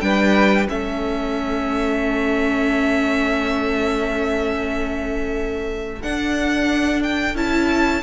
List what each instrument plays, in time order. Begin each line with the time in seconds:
0.00 cello G3, viola D4, violin B4 G5
0.67 cello A3, viola C#4, violin A4 E5
6.02 viola D4, cello D4, violin F#5
7.03 violin G5
7.35 cello C#4, viola E4, violin A5